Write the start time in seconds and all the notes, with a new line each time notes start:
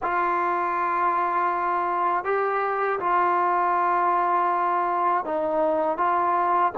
0.02 F4
2.24 G4
2.99 F4
5.24 D#4
5.97 F4